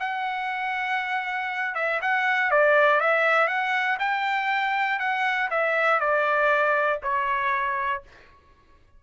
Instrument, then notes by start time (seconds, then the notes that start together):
trumpet
0.00 F#5
1.75 E5
2.02 F#5
2.51 D5
3.01 E5
3.48 F#5
4.00 G5
4.99 F#5
5.51 E5
6.00 D5
7.03 C#5